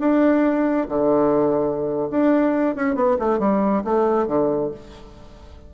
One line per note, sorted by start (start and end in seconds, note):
0.00 0.88 D4
0.89 2.09 D3
2.11 2.76 D4
2.76 2.95 C#4
2.95 3.17 B3
3.19 3.40 A3
3.40 3.83 G3
3.85 4.27 A3
4.27 4.71 D3